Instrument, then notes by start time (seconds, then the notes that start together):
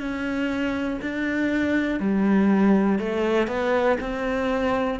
cello
0.00 C#4
1.01 D4
2.00 G3
2.99 A3
3.47 B3
4.00 C4